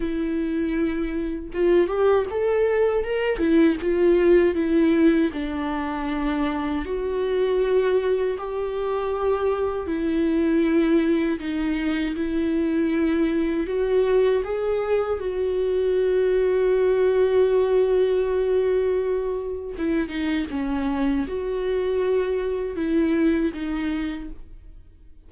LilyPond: \new Staff \with { instrumentName = "viola" } { \time 4/4 \tempo 4 = 79 e'2 f'8 g'8 a'4 | ais'8 e'8 f'4 e'4 d'4~ | d'4 fis'2 g'4~ | g'4 e'2 dis'4 |
e'2 fis'4 gis'4 | fis'1~ | fis'2 e'8 dis'8 cis'4 | fis'2 e'4 dis'4 | }